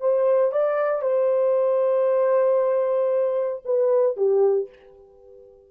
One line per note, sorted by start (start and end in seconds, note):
0.00 0.51 C5
0.51 1.02 D5
1.02 3.62 C5
3.65 4.16 B4
4.16 4.69 G4